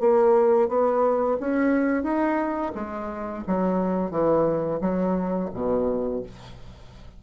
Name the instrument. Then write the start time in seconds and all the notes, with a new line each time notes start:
bassoon
0.00 A#3
0.68 B3
1.40 C#4
2.03 D#4
2.75 G#3
3.47 F#3
4.11 E3
4.81 F#3
5.54 B2